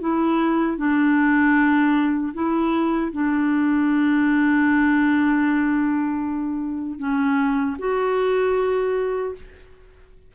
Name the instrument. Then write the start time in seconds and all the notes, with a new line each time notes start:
clarinet
0.00 E4
0.77 D4
2.33 E4
3.12 D4
6.98 C#4
7.79 F#4